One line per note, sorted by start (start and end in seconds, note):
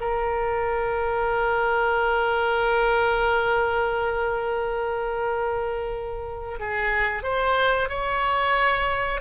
0.00 6.59 A#4
6.59 7.23 G#4
7.23 7.89 C5
7.89 9.20 C#5